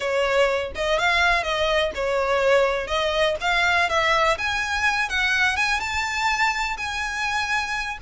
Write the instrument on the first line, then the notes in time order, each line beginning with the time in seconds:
violin
0.00 C#5
0.75 D#5
0.99 F5
1.43 D#5
1.94 C#5
2.87 D#5
3.40 F5
3.89 E5
4.38 G#5
5.09 F#5
5.56 G#5
5.80 A5
6.77 G#5